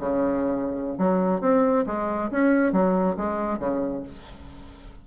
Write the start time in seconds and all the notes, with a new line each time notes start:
0.00 C#3
0.98 F#3
1.41 C4
1.87 G#3
2.31 C#4
2.73 F#3
3.17 G#3
3.59 C#3